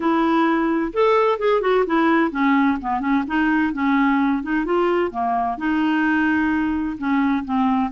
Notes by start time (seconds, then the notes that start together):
0.00 E4
0.93 A4
1.38 G#4
1.61 F#4
1.86 E4
2.31 C#4
2.81 B3
3.00 C#4
3.27 D#4
3.73 C#4
4.42 D#4
4.65 F4
5.11 A#3
5.57 D#4
6.98 C#4
7.44 C4